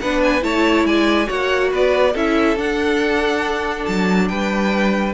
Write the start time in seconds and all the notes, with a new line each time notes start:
0.00 B3 D4 B4 F#5
0.23 G#5
0.41 A3 E4 C#5 A5
0.85 G#3 D5 G#5
1.26 A#3 F#4 C#5 F#5
1.71 B3 B4 D5
2.12 C#4 E4 A4 E5
2.56 D4 F#5
3.85 F#3 A5
4.28 G3 B4 G5